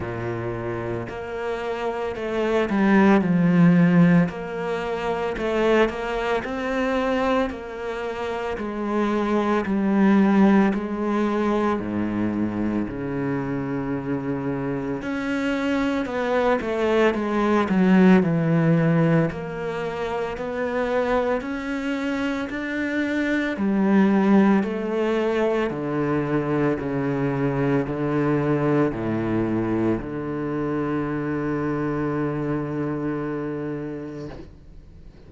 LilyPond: \new Staff \with { instrumentName = "cello" } { \time 4/4 \tempo 4 = 56 ais,4 ais4 a8 g8 f4 | ais4 a8 ais8 c'4 ais4 | gis4 g4 gis4 gis,4 | cis2 cis'4 b8 a8 |
gis8 fis8 e4 ais4 b4 | cis'4 d'4 g4 a4 | d4 cis4 d4 a,4 | d1 | }